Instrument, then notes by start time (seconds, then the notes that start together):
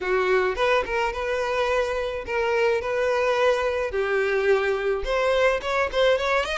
violin
0.00 F#4
0.55 B4
0.85 A#4
1.12 B4
2.26 A#4
2.81 B4
3.91 G4
5.04 C5
5.61 C#5
5.92 C5
6.18 C#5
6.45 D#5